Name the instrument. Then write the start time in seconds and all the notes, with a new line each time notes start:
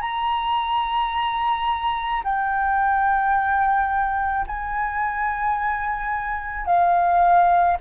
flute
0.00 A#5
2.23 G5
4.46 G#5
6.66 F5